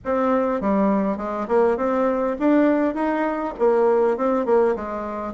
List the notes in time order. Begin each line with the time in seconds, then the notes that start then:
0.04 C4
0.60 G3
1.17 G#3
1.48 A#3
1.77 C4
2.39 D4
2.94 D#4
3.58 A#3
4.17 C4
4.45 A#3
4.75 G#3